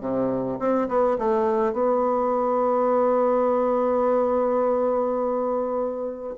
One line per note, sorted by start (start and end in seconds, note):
0.00 0.58 C3
0.58 0.87 C4
0.88 1.17 B3
1.18 1.73 A3
1.73 6.34 B3